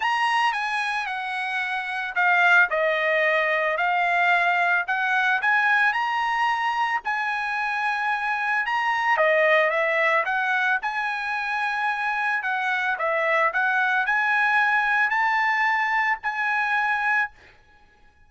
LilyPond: \new Staff \with { instrumentName = "trumpet" } { \time 4/4 \tempo 4 = 111 ais''4 gis''4 fis''2 | f''4 dis''2 f''4~ | f''4 fis''4 gis''4 ais''4~ | ais''4 gis''2. |
ais''4 dis''4 e''4 fis''4 | gis''2. fis''4 | e''4 fis''4 gis''2 | a''2 gis''2 | }